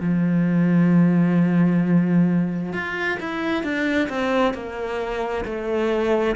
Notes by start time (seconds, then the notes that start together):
0.00 F3
2.73 F4
3.20 E4
3.63 D4
4.09 C4
4.54 A#3
5.45 A3